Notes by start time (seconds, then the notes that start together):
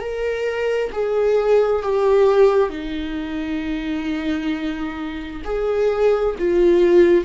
0.00 A#4
0.92 G#4
1.82 G4
2.70 D#4
5.44 G#4
6.38 F4